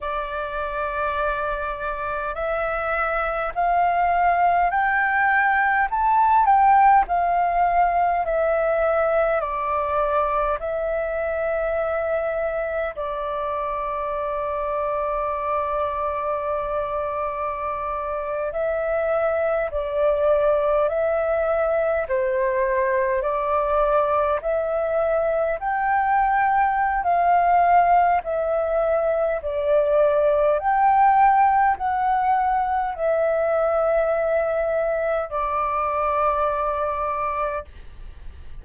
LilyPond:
\new Staff \with { instrumentName = "flute" } { \time 4/4 \tempo 4 = 51 d''2 e''4 f''4 | g''4 a''8 g''8 f''4 e''4 | d''4 e''2 d''4~ | d''2.~ d''8. e''16~ |
e''8. d''4 e''4 c''4 d''16~ | d''8. e''4 g''4~ g''16 f''4 | e''4 d''4 g''4 fis''4 | e''2 d''2 | }